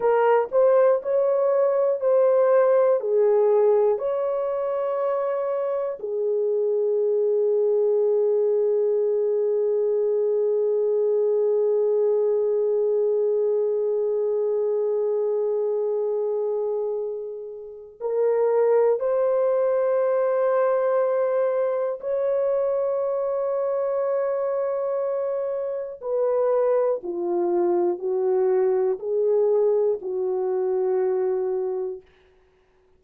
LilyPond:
\new Staff \with { instrumentName = "horn" } { \time 4/4 \tempo 4 = 60 ais'8 c''8 cis''4 c''4 gis'4 | cis''2 gis'2~ | gis'1~ | gis'1~ |
gis'2 ais'4 c''4~ | c''2 cis''2~ | cis''2 b'4 f'4 | fis'4 gis'4 fis'2 | }